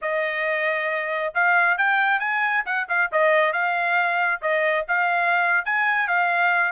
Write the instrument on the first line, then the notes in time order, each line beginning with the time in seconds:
trumpet
0.01 D#5
1.34 F5
1.77 G5
2.19 G#5
2.65 F#5
2.88 F5
3.12 D#5
3.52 F5
4.41 D#5
4.87 F5
5.65 G#5
6.07 F5